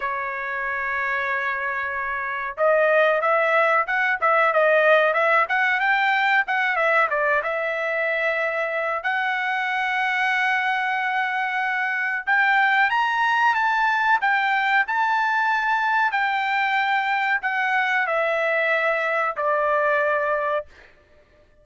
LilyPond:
\new Staff \with { instrumentName = "trumpet" } { \time 4/4 \tempo 4 = 93 cis''1 | dis''4 e''4 fis''8 e''8 dis''4 | e''8 fis''8 g''4 fis''8 e''8 d''8 e''8~ | e''2 fis''2~ |
fis''2. g''4 | ais''4 a''4 g''4 a''4~ | a''4 g''2 fis''4 | e''2 d''2 | }